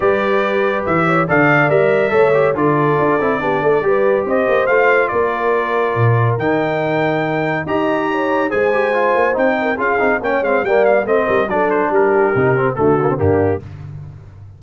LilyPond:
<<
  \new Staff \with { instrumentName = "trumpet" } { \time 4/4 \tempo 4 = 141 d''2 e''4 f''4 | e''2 d''2~ | d''2 dis''4 f''4 | d''2. g''4~ |
g''2 ais''2 | gis''2 g''4 f''4 | g''8 f''8 g''8 f''8 dis''4 d''8 c''8 | ais'2 a'4 g'4 | }
  \new Staff \with { instrumentName = "horn" } { \time 4/4 b'2~ b'8 cis''8 d''4~ | d''4 cis''4 a'2 | g'8 a'8 b'4 c''2 | ais'1~ |
ais'2 dis''4 cis''4 | c''2~ c''8 ais'8 gis'4 | cis''4 d''4 c''8 ais'8 a'4 | g'2 fis'4 d'4 | }
  \new Staff \with { instrumentName = "trombone" } { \time 4/4 g'2. a'4 | ais'4 a'8 g'8 f'4. e'8 | d'4 g'2 f'4~ | f'2. dis'4~ |
dis'2 g'2 | gis'8 g'8 f'4 dis'4 f'8 dis'8 | cis'8 c'8 ais4 c'4 d'4~ | d'4 dis'8 c'8 a8 ais16 c'16 ais4 | }
  \new Staff \with { instrumentName = "tuba" } { \time 4/4 g2 e4 d4 | g4 a4 d4 d'8 c'8 | b8 a8 g4 c'8 ais8 a4 | ais2 ais,4 dis4~ |
dis2 dis'2 | gis4. ais8 c'4 cis'8 c'8 | ais8 gis8 g4 a8 g8 fis4 | g4 c4 d4 g,4 | }
>>